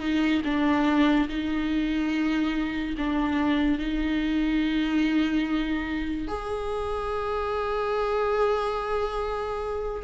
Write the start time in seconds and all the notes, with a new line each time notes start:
0.00 D#4
0.45 D4
1.28 D#4
2.98 D4
3.78 D#4
6.28 G#4